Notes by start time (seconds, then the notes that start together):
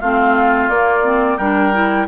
0.00 A3 C4 F4 F5
0.68 A#3 D5
1.04 C4
1.37 G3 D4 A#4 G5
1.73 E4